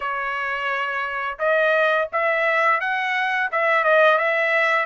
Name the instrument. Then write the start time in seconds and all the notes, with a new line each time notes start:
trumpet
0.00 C#5
1.38 D#5
2.12 E5
2.80 F#5
3.51 E5
3.83 D#5
4.18 E5